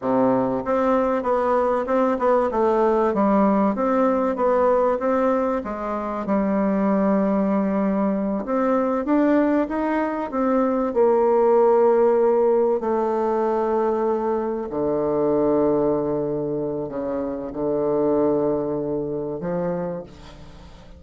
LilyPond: \new Staff \with { instrumentName = "bassoon" } { \time 4/4 \tempo 4 = 96 c4 c'4 b4 c'8 b8 | a4 g4 c'4 b4 | c'4 gis4 g2~ | g4. c'4 d'4 dis'8~ |
dis'8 c'4 ais2~ ais8~ | ais8 a2. d8~ | d2. cis4 | d2. f4 | }